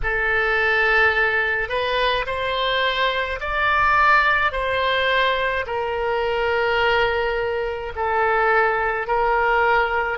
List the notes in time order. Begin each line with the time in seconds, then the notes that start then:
0.03 A4
1.68 B4
2.26 C5
3.40 D5
4.52 C5
5.66 A#4
7.95 A4
9.07 A#4